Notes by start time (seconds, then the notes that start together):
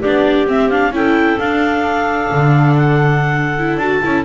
0.00 B3 D4 G4 D5
0.47 C4 E5
0.70 D4 F5
0.91 C#4 E4 A4 G5
1.39 D4 F5
2.31 D3
2.77 F#5
3.59 E4
3.77 D4 F#4 A5
4.03 C#4 E4